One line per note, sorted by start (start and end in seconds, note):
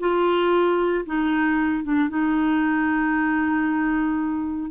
0.00 1.05 F4
1.06 1.84 D#4
1.84 2.10 D4
2.10 4.71 D#4